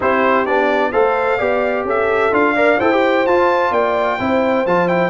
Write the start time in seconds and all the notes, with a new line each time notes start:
0.00 C4 E4 G4 C5
0.46 B3 D4 D5
0.91 A3 A4 C5 F5
1.37 B3 G4 D5
1.84 C#4 A4 E5
2.32 D4 F4 F5
2.55 A#4 D5
2.78 E4 A4 C5 G5
2.92 G4
3.26 F4 A5
3.71 A#3 D5 G5
4.19 C4 E4 C5
4.66 F3 F4 A5
4.88 E4 G5